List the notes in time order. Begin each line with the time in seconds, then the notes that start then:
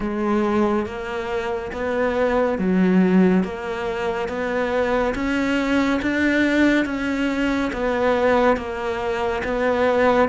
0.00 G#3
0.86 A#3
1.72 B3
2.58 F#3
3.43 A#3
4.28 B3
5.14 C#4
6.02 D4
6.85 C#4
7.73 B3
8.56 A#3
9.44 B3